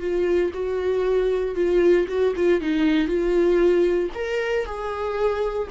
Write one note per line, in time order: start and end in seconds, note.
0.00 0.51 F4
0.54 1.55 F#4
1.55 2.06 F4
2.08 2.34 F#4
2.36 2.61 F4
2.61 3.07 D#4
3.07 4.10 F4
4.14 4.65 A#4
4.65 5.68 G#4